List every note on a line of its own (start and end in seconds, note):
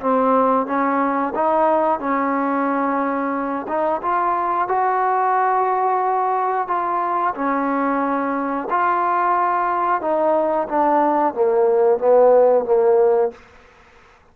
0.00 0.66 C4
0.66 1.33 C#4
1.34 1.99 D#4
1.99 3.66 C#4
3.68 4.01 D#4
4.02 4.68 F4
4.68 6.67 F#4
6.67 7.34 F4
7.35 8.68 C#4
8.70 10.01 F4
10.01 10.67 D#4
10.68 11.33 D4
11.33 11.98 A#3
11.98 12.65 B3
12.65 13.31 A#3